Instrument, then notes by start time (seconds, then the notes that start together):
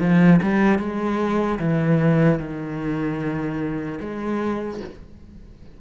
cello
0.00 F3
0.43 G3
0.79 G#3
1.59 E3
2.39 D#3
4.00 G#3